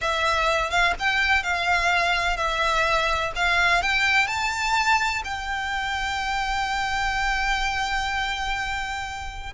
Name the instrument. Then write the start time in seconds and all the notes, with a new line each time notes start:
violin
0.01 E5
0.70 F5
0.99 G5
1.43 F5
2.36 E5
3.35 F5
3.82 G5
4.27 A5
5.24 G5